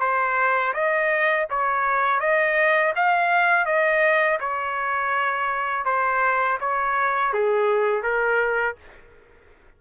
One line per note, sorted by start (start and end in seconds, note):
0.00 0.73 C5
0.74 1.47 D#5
1.50 2.20 C#5
2.20 2.93 D#5
2.96 3.66 F5
3.66 4.39 D#5
4.40 5.85 C#5
5.85 6.59 C5
6.60 7.33 C#5
7.33 8.03 G#4
8.03 8.76 A#4